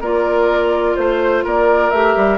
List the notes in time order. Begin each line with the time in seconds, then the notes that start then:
0.00 A#3 F4 A#4 D5
0.95 A3 C5
1.44 A#3 A#4 D5
1.90 A3 G4 E5
2.16 G3